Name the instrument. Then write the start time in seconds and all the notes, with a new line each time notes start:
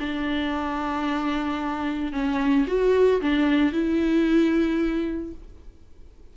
viola
0.00 D4
2.13 C#4
2.68 F#4
3.21 D4
3.73 E4